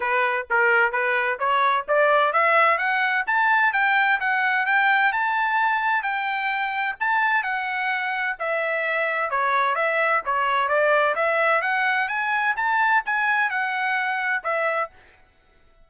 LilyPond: \new Staff \with { instrumentName = "trumpet" } { \time 4/4 \tempo 4 = 129 b'4 ais'4 b'4 cis''4 | d''4 e''4 fis''4 a''4 | g''4 fis''4 g''4 a''4~ | a''4 g''2 a''4 |
fis''2 e''2 | cis''4 e''4 cis''4 d''4 | e''4 fis''4 gis''4 a''4 | gis''4 fis''2 e''4 | }